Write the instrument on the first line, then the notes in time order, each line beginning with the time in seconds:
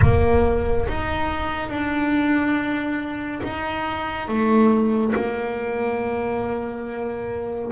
double bass
0.01 A#3
0.88 D#4
1.69 D4
3.43 D#4
4.28 A3
5.15 A#3